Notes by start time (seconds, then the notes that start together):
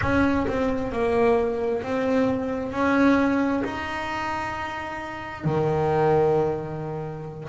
0.01 C#4
0.48 C4
0.92 A#3
1.83 C4
2.72 C#4
3.64 D#4
5.44 D#3